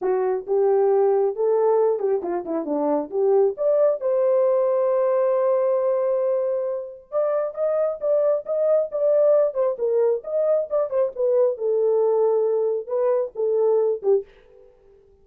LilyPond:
\new Staff \with { instrumentName = "horn" } { \time 4/4 \tempo 4 = 135 fis'4 g'2 a'4~ | a'8 g'8 f'8 e'8 d'4 g'4 | d''4 c''2.~ | c''1 |
d''4 dis''4 d''4 dis''4 | d''4. c''8 ais'4 dis''4 | d''8 c''8 b'4 a'2~ | a'4 b'4 a'4. g'8 | }